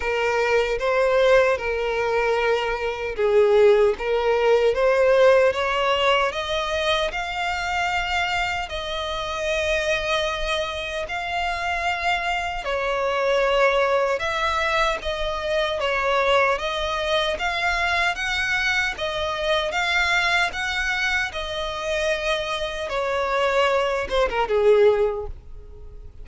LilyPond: \new Staff \with { instrumentName = "violin" } { \time 4/4 \tempo 4 = 76 ais'4 c''4 ais'2 | gis'4 ais'4 c''4 cis''4 | dis''4 f''2 dis''4~ | dis''2 f''2 |
cis''2 e''4 dis''4 | cis''4 dis''4 f''4 fis''4 | dis''4 f''4 fis''4 dis''4~ | dis''4 cis''4. c''16 ais'16 gis'4 | }